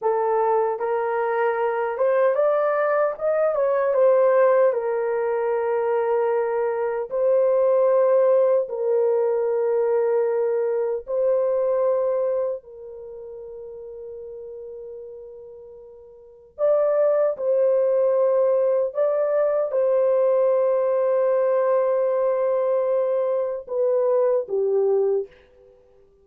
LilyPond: \new Staff \with { instrumentName = "horn" } { \time 4/4 \tempo 4 = 76 a'4 ais'4. c''8 d''4 | dis''8 cis''8 c''4 ais'2~ | ais'4 c''2 ais'4~ | ais'2 c''2 |
ais'1~ | ais'4 d''4 c''2 | d''4 c''2.~ | c''2 b'4 g'4 | }